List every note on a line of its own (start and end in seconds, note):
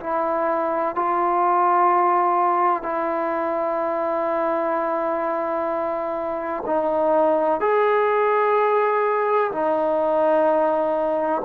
0.00 0.95 E4
0.95 2.83 F4
2.83 6.64 E4
6.66 7.61 D#4
7.61 9.51 G#4
9.52 11.42 D#4